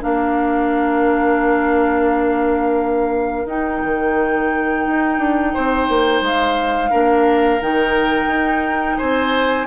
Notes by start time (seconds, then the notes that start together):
0.00 A#3 D4 A#4 F5
3.46 D#4 G5
3.84 D#3
4.87 D#4
5.18 D4
5.54 C4 C5
5.89 A#3
6.21 G#3 F5
6.90 A#3 D4 A#4
7.61 D#3 D#4 G5
8.27 D#4
8.98 C4 C5 G#5